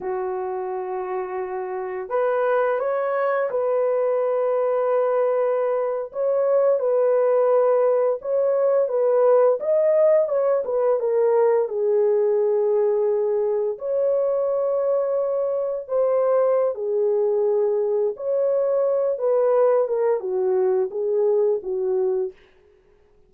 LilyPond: \new Staff \with { instrumentName = "horn" } { \time 4/4 \tempo 4 = 86 fis'2. b'4 | cis''4 b'2.~ | b'8. cis''4 b'2 cis''16~ | cis''8. b'4 dis''4 cis''8 b'8 ais'16~ |
ais'8. gis'2. cis''16~ | cis''2~ cis''8. c''4~ c''16 | gis'2 cis''4. b'8~ | b'8 ais'8 fis'4 gis'4 fis'4 | }